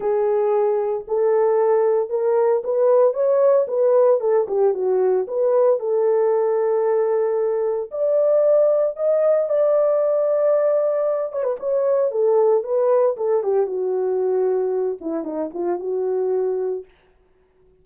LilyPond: \new Staff \with { instrumentName = "horn" } { \time 4/4 \tempo 4 = 114 gis'2 a'2 | ais'4 b'4 cis''4 b'4 | a'8 g'8 fis'4 b'4 a'4~ | a'2. d''4~ |
d''4 dis''4 d''2~ | d''4. cis''16 b'16 cis''4 a'4 | b'4 a'8 g'8 fis'2~ | fis'8 e'8 dis'8 f'8 fis'2 | }